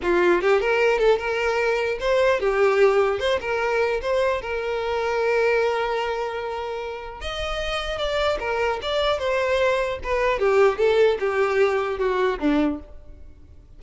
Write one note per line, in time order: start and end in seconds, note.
0.02 0.41 F4
0.41 0.60 G4
0.60 0.98 A#4
0.98 1.18 A4
1.18 1.98 A#4
2.00 2.40 C5
2.40 3.19 G4
3.19 3.39 C5
3.41 4.01 A#4
4.01 4.41 C5
4.41 7.20 A#4
7.20 7.98 D#5
7.98 8.38 D5
8.39 8.79 A#4
8.81 9.18 D5
9.18 9.98 C5
10.03 10.39 B4
10.39 10.78 G4
10.78 11.18 A4
11.19 11.98 G4
11.98 12.38 F#4
12.39 12.79 D4